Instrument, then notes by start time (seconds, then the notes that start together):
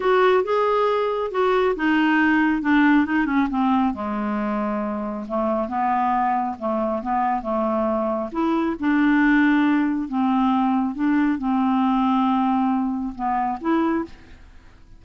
clarinet
0.00 F#4
0.43 G#4
1.31 F#4
1.76 D#4
2.62 D4
3.05 D#4
3.26 C#4
3.50 C4
3.94 G#3
5.28 A3
5.68 B3
6.58 A3
7.02 B3
7.41 A3
8.32 E4
8.79 D4
10.08 C4
10.94 D4
11.38 C4
13.15 B3
13.61 E4